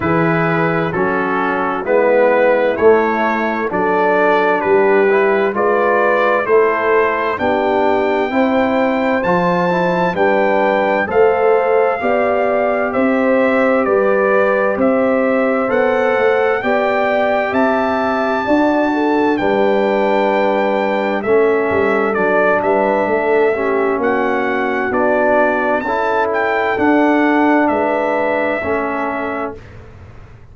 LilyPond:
<<
  \new Staff \with { instrumentName = "trumpet" } { \time 4/4 \tempo 4 = 65 b'4 a'4 b'4 cis''4 | d''4 b'4 d''4 c''4 | g''2 a''4 g''4 | f''2 e''4 d''4 |
e''4 fis''4 g''4 a''4~ | a''4 g''2 e''4 | d''8 e''4. fis''4 d''4 | a''8 g''8 fis''4 e''2 | }
  \new Staff \with { instrumentName = "horn" } { \time 4/4 gis'4 fis'4 e'2 | a'4 g'4 b'4 a'4 | g'4 c''2 b'4 | c''4 d''4 c''4 b'4 |
c''2 d''4 e''4 | d''8 a'8 b'2 a'4~ | a'8 b'8 a'8 g'8 fis'2 | a'2 b'4 a'4 | }
  \new Staff \with { instrumentName = "trombone" } { \time 4/4 e'4 cis'4 b4 a4 | d'4. e'8 f'4 e'4 | d'4 e'4 f'8 e'8 d'4 | a'4 g'2.~ |
g'4 a'4 g'2 | fis'4 d'2 cis'4 | d'4. cis'4. d'4 | e'4 d'2 cis'4 | }
  \new Staff \with { instrumentName = "tuba" } { \time 4/4 e4 fis4 gis4 a4 | fis4 g4 gis4 a4 | b4 c'4 f4 g4 | a4 b4 c'4 g4 |
c'4 b8 a8 b4 c'4 | d'4 g2 a8 g8 | fis8 g8 a4 ais4 b4 | cis'4 d'4 gis4 a4 | }
>>